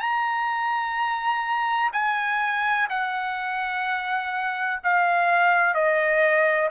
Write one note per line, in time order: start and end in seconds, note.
0.00 1.90 A#5
1.93 2.88 G#5
2.90 4.80 F#5
4.84 5.74 F5
5.74 6.70 D#5